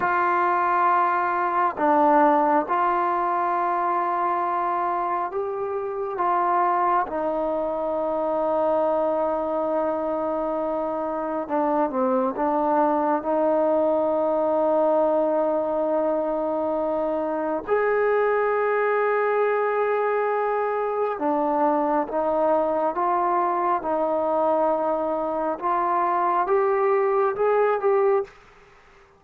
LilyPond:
\new Staff \with { instrumentName = "trombone" } { \time 4/4 \tempo 4 = 68 f'2 d'4 f'4~ | f'2 g'4 f'4 | dis'1~ | dis'4 d'8 c'8 d'4 dis'4~ |
dis'1 | gis'1 | d'4 dis'4 f'4 dis'4~ | dis'4 f'4 g'4 gis'8 g'8 | }